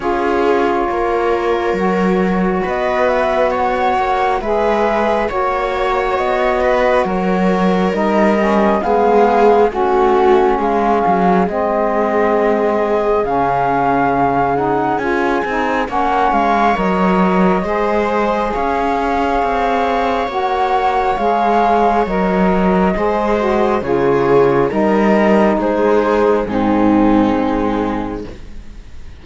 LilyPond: <<
  \new Staff \with { instrumentName = "flute" } { \time 4/4 \tempo 4 = 68 cis''2. dis''8 e''8 | fis''4 e''4 cis''4 dis''4 | cis''4 dis''4 f''4 fis''4 | f''4 dis''2 f''4~ |
f''8 fis''8 gis''4 fis''8 f''8 dis''4~ | dis''4 f''2 fis''4 | f''4 dis''2 cis''4 | dis''4 c''4 gis'2 | }
  \new Staff \with { instrumentName = "viola" } { \time 4/4 gis'4 ais'2 b'4 | cis''4 b'4 cis''4. b'8 | ais'2 gis'4 fis'4 | gis'1~ |
gis'2 cis''2 | c''4 cis''2.~ | cis''2 c''4 gis'4 | ais'4 gis'4 dis'2 | }
  \new Staff \with { instrumentName = "saxophone" } { \time 4/4 f'2 fis'2~ | fis'4 gis'4 fis'2~ | fis'4 dis'8 cis'8 b4 cis'4~ | cis'4 c'2 cis'4~ |
cis'8 dis'8 f'8 dis'8 cis'4 ais'4 | gis'2. fis'4 | gis'4 ais'4 gis'8 fis'8 f'4 | dis'2 c'2 | }
  \new Staff \with { instrumentName = "cello" } { \time 4/4 cis'4 ais4 fis4 b4~ | b8 ais8 gis4 ais4 b4 | fis4 g4 gis4 a4 | gis8 fis8 gis2 cis4~ |
cis4 cis'8 c'8 ais8 gis8 fis4 | gis4 cis'4 c'4 ais4 | gis4 fis4 gis4 cis4 | g4 gis4 gis,4 gis4 | }
>>